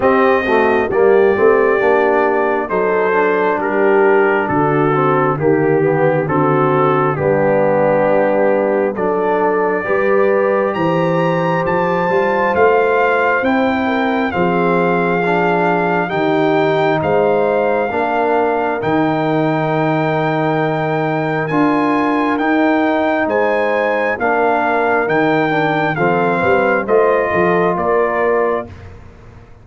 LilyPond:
<<
  \new Staff \with { instrumentName = "trumpet" } { \time 4/4 \tempo 4 = 67 dis''4 d''2 c''4 | ais'4 a'4 g'4 a'4 | g'2 d''2 | ais''4 a''4 f''4 g''4 |
f''2 g''4 f''4~ | f''4 g''2. | gis''4 g''4 gis''4 f''4 | g''4 f''4 dis''4 d''4 | }
  \new Staff \with { instrumentName = "horn" } { \time 4/4 g'8 fis'8 g'2 a'4 | g'4 fis'4 g'4 fis'4 | d'2 a'4 b'4 | c''2.~ c''8 ais'8 |
gis'2 g'4 c''4 | ais'1~ | ais'2 c''4 ais'4~ | ais'4 a'8 b'8 c''8 a'8 ais'4 | }
  \new Staff \with { instrumentName = "trombone" } { \time 4/4 c'8 a8 ais8 c'8 d'4 dis'8 d'8~ | d'4. c'8 ais8 b8 c'4 | b2 d'4 g'4~ | g'4. f'4. e'4 |
c'4 d'4 dis'2 | d'4 dis'2. | f'4 dis'2 d'4 | dis'8 d'8 c'4 f'2 | }
  \new Staff \with { instrumentName = "tuba" } { \time 4/4 c'4 g8 a8 ais4 fis4 | g4 d4 dis4 d4 | g2 fis4 g4 | e4 f8 g8 a4 c'4 |
f2 dis4 gis4 | ais4 dis2. | d'4 dis'4 gis4 ais4 | dis4 f8 g8 a8 f8 ais4 | }
>>